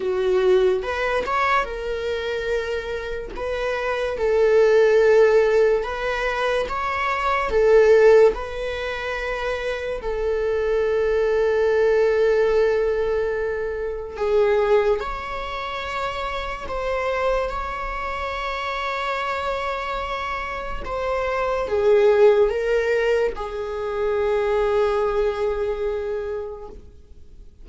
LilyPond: \new Staff \with { instrumentName = "viola" } { \time 4/4 \tempo 4 = 72 fis'4 b'8 cis''8 ais'2 | b'4 a'2 b'4 | cis''4 a'4 b'2 | a'1~ |
a'4 gis'4 cis''2 | c''4 cis''2.~ | cis''4 c''4 gis'4 ais'4 | gis'1 | }